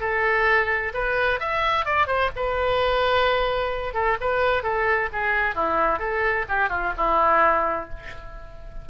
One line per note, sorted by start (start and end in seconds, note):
0.00 0.92 A4
0.94 1.40 B4
1.40 1.85 E5
1.85 2.07 D5
2.07 2.30 C5
2.36 3.94 B4
3.94 4.17 A4
4.20 4.63 B4
4.63 5.09 A4
5.13 5.55 G#4
5.55 5.99 E4
5.99 6.45 A4
6.48 6.69 G4
6.69 6.93 F4
6.97 7.89 E4